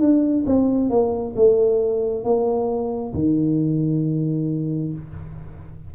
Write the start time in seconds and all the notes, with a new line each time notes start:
0.00 D4
0.46 C4
0.90 A#3
1.36 A3
2.24 A#3
3.14 D#3